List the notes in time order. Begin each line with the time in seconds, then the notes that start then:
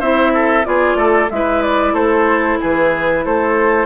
0.00 C4 E4 C5 E5
0.34 A4
0.64 B3 F4 G#4 D5
0.95 A3 A4
1.31 G#3 E4 B4 E5
1.63 D5
1.94 A3 A4 C5
2.61 E3 G#4 B4
3.26 A3 A4 C5